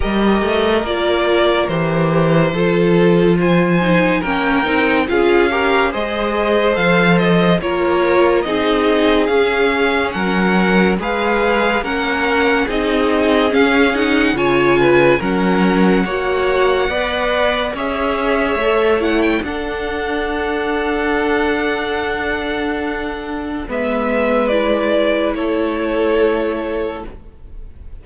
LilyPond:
<<
  \new Staff \with { instrumentName = "violin" } { \time 4/4 \tempo 4 = 71 dis''4 d''4 c''2 | gis''4 g''4 f''4 dis''4 | f''8 dis''8 cis''4 dis''4 f''4 | fis''4 f''4 fis''4 dis''4 |
f''8 fis''8 gis''4 fis''2~ | fis''4 e''4. fis''16 g''16 fis''4~ | fis''1 | e''4 d''4 cis''2 | }
  \new Staff \with { instrumentName = "violin" } { \time 4/4 ais'2. a'4 | c''4 ais'4 gis'8 ais'8 c''4~ | c''4 ais'4 gis'2 | ais'4 b'4 ais'4 gis'4~ |
gis'4 cis''8 b'8 ais'4 cis''4 | d''4 cis''2 a'4~ | a'1 | b'2 a'2 | }
  \new Staff \with { instrumentName = "viola" } { \time 4/4 g'4 f'4 g'4 f'4~ | f'8 dis'8 cis'8 dis'8 f'8 g'8 gis'4 | a'4 f'4 dis'4 cis'4~ | cis'4 gis'4 cis'4 dis'4 |
cis'8 dis'8 f'4 cis'4 fis'4 | b'4 gis'4 a'8 e'8 d'4~ | d'1 | b4 e'2. | }
  \new Staff \with { instrumentName = "cello" } { \time 4/4 g8 a8 ais4 e4 f4~ | f4 ais8 c'8 cis'4 gis4 | f4 ais4 c'4 cis'4 | fis4 gis4 ais4 c'4 |
cis'4 cis4 fis4 ais4 | b4 cis'4 a4 d'4~ | d'1 | gis2 a2 | }
>>